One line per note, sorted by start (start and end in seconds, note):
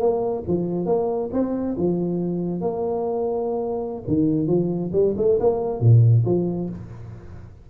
0.00 0.44 A#3
0.48 0.86 F3
0.86 1.30 A#3
1.33 1.76 C4
1.77 2.61 F3
2.61 4.04 A#3
4.08 4.47 D#3
4.47 4.91 F3
4.93 5.15 G3
5.17 5.39 A3
5.40 5.80 A#3
5.80 6.24 A#2
6.26 6.69 F3